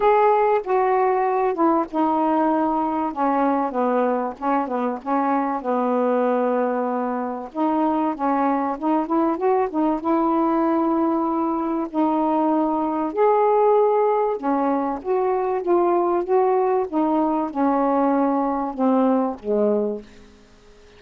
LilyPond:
\new Staff \with { instrumentName = "saxophone" } { \time 4/4 \tempo 4 = 96 gis'4 fis'4. e'8 dis'4~ | dis'4 cis'4 b4 cis'8 b8 | cis'4 b2. | dis'4 cis'4 dis'8 e'8 fis'8 dis'8 |
e'2. dis'4~ | dis'4 gis'2 cis'4 | fis'4 f'4 fis'4 dis'4 | cis'2 c'4 gis4 | }